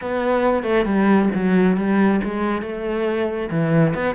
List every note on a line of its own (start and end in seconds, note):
0.01 0.63 B3
0.63 0.85 A3
0.85 1.29 G3
1.35 1.76 F#3
1.76 2.20 G3
2.24 2.62 G#3
2.62 3.49 A3
3.51 3.94 E3
3.94 4.15 B3